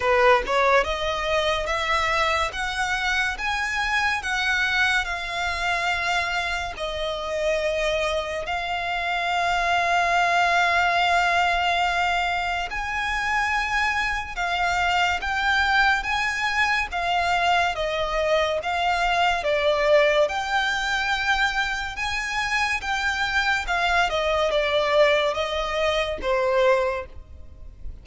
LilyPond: \new Staff \with { instrumentName = "violin" } { \time 4/4 \tempo 4 = 71 b'8 cis''8 dis''4 e''4 fis''4 | gis''4 fis''4 f''2 | dis''2 f''2~ | f''2. gis''4~ |
gis''4 f''4 g''4 gis''4 | f''4 dis''4 f''4 d''4 | g''2 gis''4 g''4 | f''8 dis''8 d''4 dis''4 c''4 | }